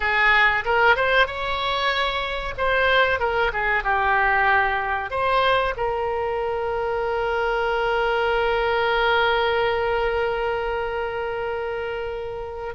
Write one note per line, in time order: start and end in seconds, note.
0.00 0.64 G#4
0.64 0.95 A#4
0.95 1.26 C5
1.26 2.54 C#5
2.57 3.19 C5
3.19 3.51 A#4
3.53 3.83 G#4
3.83 5.10 G4
5.10 5.74 C5
5.76 12.74 A#4